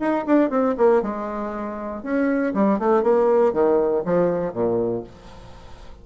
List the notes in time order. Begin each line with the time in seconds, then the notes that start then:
0.00 D#4
0.27 D4
0.50 C4
0.78 A#3
1.02 G#3
2.03 C#4
2.54 G3
2.79 A3
3.03 A#3
3.53 D#3
4.05 F3
4.53 A#2